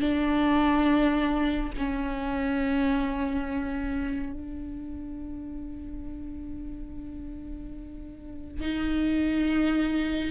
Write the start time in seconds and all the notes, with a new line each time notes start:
0.00 D4
1.77 C#4
4.33 D4
8.60 D#4